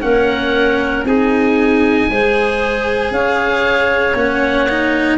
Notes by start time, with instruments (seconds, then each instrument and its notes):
0.00 tuba A#3, cello C#4, clarinet A#4, oboe F#5
1.03 tuba C4, cello D#4, clarinet G#4, oboe G#5
2.10 tuba G#3, cello G#4, clarinet C5
3.10 tuba C#4, clarinet C#5, oboe F5
4.14 tuba A#3, cello C#4, oboe F#5
4.69 cello D#4